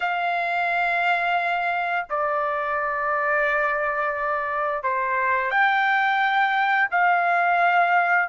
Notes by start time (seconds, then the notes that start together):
0.00 F5
2.09 D5
4.83 C5
5.50 G5
6.91 F5